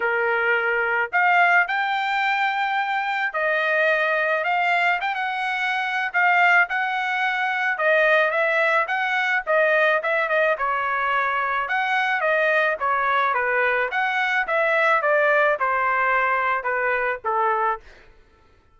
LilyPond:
\new Staff \with { instrumentName = "trumpet" } { \time 4/4 \tempo 4 = 108 ais'2 f''4 g''4~ | g''2 dis''2 | f''4 g''16 fis''4.~ fis''16 f''4 | fis''2 dis''4 e''4 |
fis''4 dis''4 e''8 dis''8 cis''4~ | cis''4 fis''4 dis''4 cis''4 | b'4 fis''4 e''4 d''4 | c''2 b'4 a'4 | }